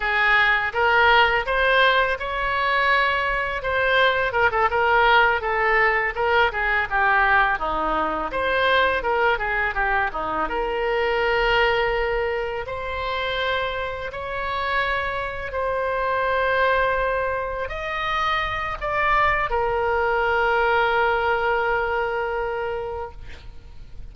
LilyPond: \new Staff \with { instrumentName = "oboe" } { \time 4/4 \tempo 4 = 83 gis'4 ais'4 c''4 cis''4~ | cis''4 c''4 ais'16 a'16 ais'4 a'8~ | a'8 ais'8 gis'8 g'4 dis'4 c''8~ | c''8 ais'8 gis'8 g'8 dis'8 ais'4.~ |
ais'4. c''2 cis''8~ | cis''4. c''2~ c''8~ | c''8 dis''4. d''4 ais'4~ | ais'1 | }